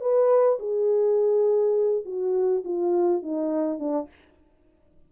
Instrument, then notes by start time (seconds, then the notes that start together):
horn
0.00 B4
0.59 G#4
2.05 F#4
2.64 F4
3.22 D#4
3.79 D4